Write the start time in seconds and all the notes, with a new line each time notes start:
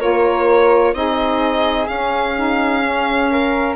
0.00 A#3 F4 A#4 C#5
0.93 C4 D#4 G#4 D#5
1.88 C#4 F5
2.36 D#4
2.82 C#4
3.31 A#4